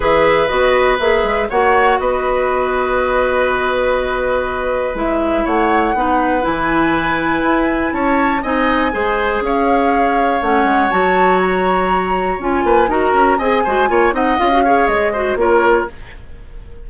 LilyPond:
<<
  \new Staff \with { instrumentName = "flute" } { \time 4/4 \tempo 4 = 121 e''4 dis''4 e''4 fis''4 | dis''1~ | dis''2 e''4 fis''4~ | fis''4 gis''2. |
a''4 gis''2 f''4~ | f''4 fis''4 a''4 ais''4~ | ais''4 gis''4 ais''4 gis''4~ | gis''8 fis''8 f''4 dis''4 cis''4 | }
  \new Staff \with { instrumentName = "oboe" } { \time 4/4 b'2. cis''4 | b'1~ | b'2. cis''4 | b'1 |
cis''4 dis''4 c''4 cis''4~ | cis''1~ | cis''4. b'8 ais'4 dis''8 c''8 | cis''8 dis''4 cis''4 c''8 ais'4 | }
  \new Staff \with { instrumentName = "clarinet" } { \time 4/4 gis'4 fis'4 gis'4 fis'4~ | fis'1~ | fis'2 e'2 | dis'4 e'2.~ |
e'4 dis'4 gis'2~ | gis'4 cis'4 fis'2~ | fis'4 f'4 fis'4 gis'8 fis'8 | f'8 dis'8 f'16 fis'16 gis'4 fis'8 f'4 | }
  \new Staff \with { instrumentName = "bassoon" } { \time 4/4 e4 b4 ais8 gis8 ais4 | b1~ | b2 gis4 a4 | b4 e2 e'4 |
cis'4 c'4 gis4 cis'4~ | cis'4 a8 gis8 fis2~ | fis4 cis'8 ais8 dis'8 cis'8 c'8 gis8 | ais8 c'8 cis'4 gis4 ais4 | }
>>